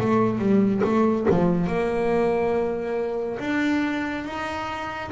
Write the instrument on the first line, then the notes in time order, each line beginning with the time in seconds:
double bass
0.00 A3
0.39 G3
0.84 A3
1.30 F3
1.67 A#3
3.39 D4
4.25 D#4